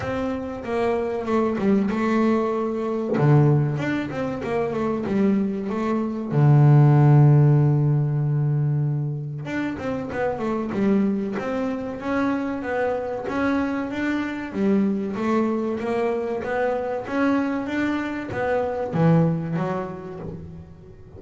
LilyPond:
\new Staff \with { instrumentName = "double bass" } { \time 4/4 \tempo 4 = 95 c'4 ais4 a8 g8 a4~ | a4 d4 d'8 c'8 ais8 a8 | g4 a4 d2~ | d2. d'8 c'8 |
b8 a8 g4 c'4 cis'4 | b4 cis'4 d'4 g4 | a4 ais4 b4 cis'4 | d'4 b4 e4 fis4 | }